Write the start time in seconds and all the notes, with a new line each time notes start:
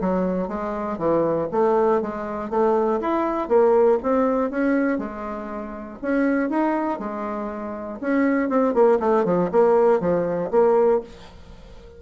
0.00 F#3
0.48 G#3
0.97 E3
1.51 A3
2.01 G#3
2.50 A3
3.00 E4
3.48 A#3
4.02 C4
4.50 C#4
4.98 G#3
6.01 C#4
6.49 D#4
6.99 G#3
8.00 C#4
8.49 C4
8.74 A#3
8.99 A3
9.25 F3
9.51 A#3
10.00 F3
10.50 A#3